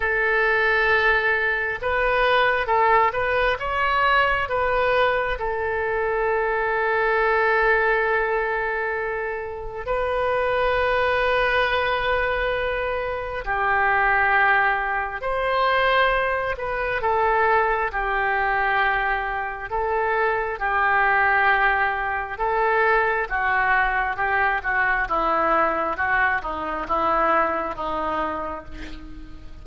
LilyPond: \new Staff \with { instrumentName = "oboe" } { \time 4/4 \tempo 4 = 67 a'2 b'4 a'8 b'8 | cis''4 b'4 a'2~ | a'2. b'4~ | b'2. g'4~ |
g'4 c''4. b'8 a'4 | g'2 a'4 g'4~ | g'4 a'4 fis'4 g'8 fis'8 | e'4 fis'8 dis'8 e'4 dis'4 | }